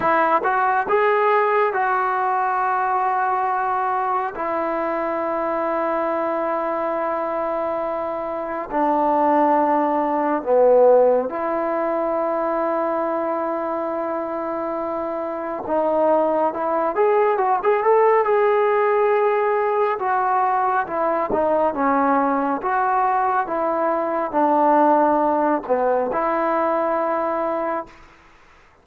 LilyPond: \new Staff \with { instrumentName = "trombone" } { \time 4/4 \tempo 4 = 69 e'8 fis'8 gis'4 fis'2~ | fis'4 e'2.~ | e'2 d'2 | b4 e'2.~ |
e'2 dis'4 e'8 gis'8 | fis'16 gis'16 a'8 gis'2 fis'4 | e'8 dis'8 cis'4 fis'4 e'4 | d'4. b8 e'2 | }